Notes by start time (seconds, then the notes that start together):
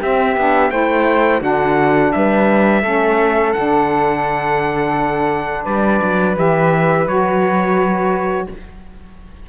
0.00 C4 G4 E5
0.36 B3 D4
0.70 A3 E4 C5 G5
1.39 D3 D4 F#4 F#5
2.12 G3 B4 E5
2.82 A3 C#4 A4
3.52 D3 D4 F#5
5.64 G3 B4 D5
6.02 F#3
6.35 E3 G4 E5
7.06 F#3 F#4 C#5